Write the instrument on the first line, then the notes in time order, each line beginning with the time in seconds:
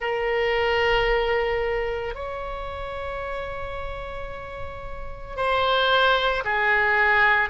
oboe
0.00 A#4
2.14 C#5
5.36 C5
6.44 G#4